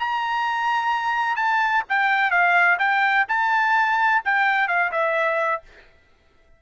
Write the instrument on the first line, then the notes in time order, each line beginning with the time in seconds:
trumpet
0.00 A#5
1.37 A5
1.90 G5
2.31 F5
2.79 G5
3.29 A5
4.25 G5
4.68 F5
4.92 E5